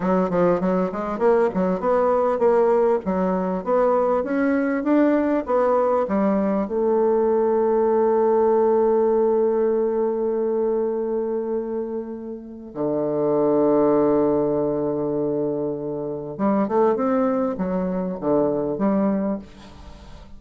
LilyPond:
\new Staff \with { instrumentName = "bassoon" } { \time 4/4 \tempo 4 = 99 fis8 f8 fis8 gis8 ais8 fis8 b4 | ais4 fis4 b4 cis'4 | d'4 b4 g4 a4~ | a1~ |
a1~ | a4 d2.~ | d2. g8 a8 | c'4 fis4 d4 g4 | }